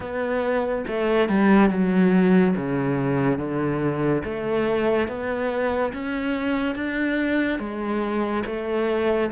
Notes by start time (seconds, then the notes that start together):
0.00 B3
0.87 A3
1.29 G3
1.70 F#3
2.56 C#3
3.38 D3
4.24 A3
5.07 B3
5.93 C#4
6.75 D4
7.59 G#3
8.45 A3